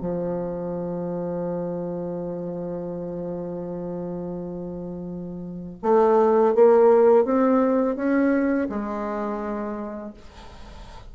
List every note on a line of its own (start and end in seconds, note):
0.00 5.78 F3
5.82 6.55 A3
6.55 7.25 A#3
7.25 7.96 C4
7.96 8.68 C#4
8.69 10.13 G#3